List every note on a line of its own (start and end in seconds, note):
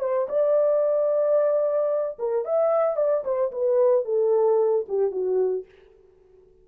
0.00 0.27 C5
0.29 2.18 D5
2.19 2.45 A#4
2.45 2.96 E5
2.96 3.23 D5
3.24 3.51 C5
3.52 4.05 B4
4.05 4.86 A4
4.88 5.11 G4
5.11 5.65 F#4